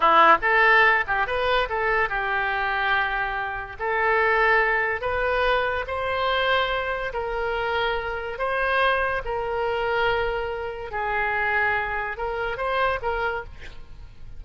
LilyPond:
\new Staff \with { instrumentName = "oboe" } { \time 4/4 \tempo 4 = 143 e'4 a'4. g'8 b'4 | a'4 g'2.~ | g'4 a'2. | b'2 c''2~ |
c''4 ais'2. | c''2 ais'2~ | ais'2 gis'2~ | gis'4 ais'4 c''4 ais'4 | }